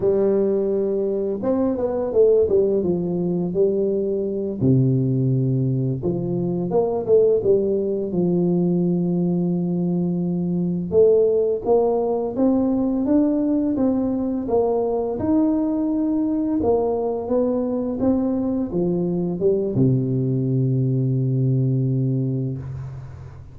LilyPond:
\new Staff \with { instrumentName = "tuba" } { \time 4/4 \tempo 4 = 85 g2 c'8 b8 a8 g8 | f4 g4. c4.~ | c8 f4 ais8 a8 g4 f8~ | f2.~ f8 a8~ |
a8 ais4 c'4 d'4 c'8~ | c'8 ais4 dis'2 ais8~ | ais8 b4 c'4 f4 g8 | c1 | }